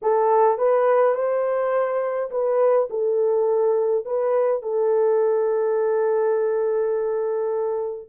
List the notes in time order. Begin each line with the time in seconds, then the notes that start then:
0.02 A4
0.58 B4
1.14 C5
2.31 B4
2.90 A4
4.05 B4
4.62 A4